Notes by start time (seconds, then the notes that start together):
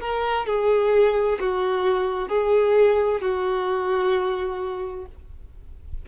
0.00 A#4
0.46 G#4
1.39 F#4
2.28 G#4
3.21 F#4